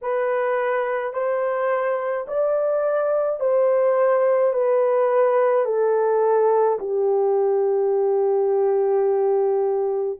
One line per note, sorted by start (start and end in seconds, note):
0.01 1.13 B4
1.13 2.26 C5
2.27 3.40 D5
3.40 4.53 C5
4.53 5.64 B4
5.64 6.78 A4
6.79 10.18 G4